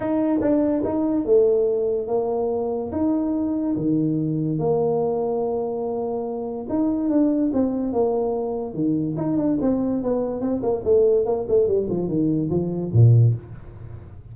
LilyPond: \new Staff \with { instrumentName = "tuba" } { \time 4/4 \tempo 4 = 144 dis'4 d'4 dis'4 a4~ | a4 ais2 dis'4~ | dis'4 dis2 ais4~ | ais1 |
dis'4 d'4 c'4 ais4~ | ais4 dis4 dis'8 d'8 c'4 | b4 c'8 ais8 a4 ais8 a8 | g8 f8 dis4 f4 ais,4 | }